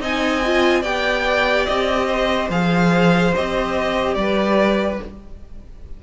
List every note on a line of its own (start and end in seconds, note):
0.00 0.83 C4
0.00 0.42 D#4
0.00 0.82 D#5
0.00 0.84 G#5
0.46 0.83 F4
0.82 1.67 B3
0.82 2.50 G4
0.82 2.07 D5
0.82 1.66 G5
1.66 2.49 C4
1.66 2.49 D#5
2.07 4.15 C5
2.49 3.33 F3
2.49 3.34 G#4
2.49 3.35 F5
3.36 4.16 C4
3.36 5.03 G4
3.36 4.15 D#5
4.15 4.99 G3
4.15 5.03 B4
4.15 4.98 D5